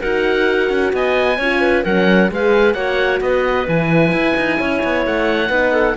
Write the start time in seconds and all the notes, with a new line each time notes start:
0.00 D#4 F#4 A#4 F#5
0.69 C#4
0.92 B3 D#5 G#5
1.38 C#4 F4 C#5
1.61 B4
1.84 F#3 C#4 A#4 F#5
2.30 G#3 G#4 B4 F5
2.73 A#3 F#4 C#5 F#5
3.21 B3 B4 D#5
3.68 E3 E4 G#5
4.12 E4
4.37 D#4
4.59 C#4 C#5
4.83 B3
5.06 A3 F#5
5.49 B3 D#4 B4
5.72 A4